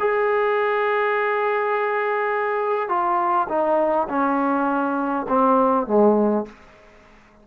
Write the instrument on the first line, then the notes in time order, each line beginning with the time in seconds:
trombone
0.00 G#4
2.89 F4
3.49 D#4
4.09 C#4
5.29 C4
5.87 G#3